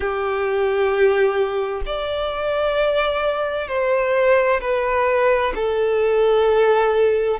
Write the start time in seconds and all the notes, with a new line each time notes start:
0.00 G4
1.86 D5
3.68 C5
4.61 B4
5.55 A4